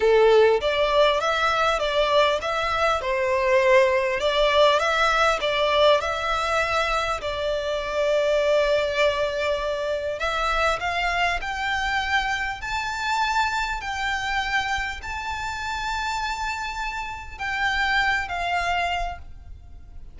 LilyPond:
\new Staff \with { instrumentName = "violin" } { \time 4/4 \tempo 4 = 100 a'4 d''4 e''4 d''4 | e''4 c''2 d''4 | e''4 d''4 e''2 | d''1~ |
d''4 e''4 f''4 g''4~ | g''4 a''2 g''4~ | g''4 a''2.~ | a''4 g''4. f''4. | }